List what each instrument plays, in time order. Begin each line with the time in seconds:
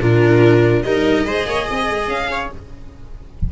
0.00 tuba A#2, cello D4, viola F4, violin A#4
0.83 tuba G3, cello D#4, viola A#4, violin D#5
1.25 tuba G#3, cello G#4, viola C5
1.46 tuba A#3, viola C#5
1.66 tuba C4, viola D#5
1.91 tuba G#3
2.07 tuba C#4, violin F5
2.31 viola C#5